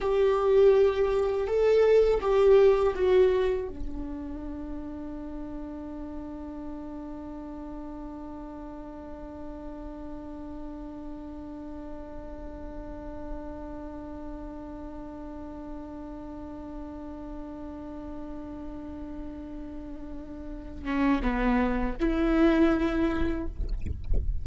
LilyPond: \new Staff \with { instrumentName = "viola" } { \time 4/4 \tempo 4 = 82 g'2 a'4 g'4 | fis'4 d'2.~ | d'1~ | d'1~ |
d'1~ | d'1~ | d'1~ | d'8 cis'8 b4 e'2 | }